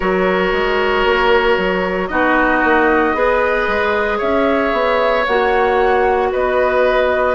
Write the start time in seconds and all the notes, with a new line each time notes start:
0.00 F#3 F#4 A#4 C#5
0.52 G#3
1.05 A#3
1.57 F#3
2.07 B3 D#4 F#4 D#5
2.64 A#3
3.14 B3 G#4 B4
3.67 G#3
4.18 C#4 C#5 E5
4.73 B3
5.26 A#3 F#4 F#5
6.32 B3 B4 D#5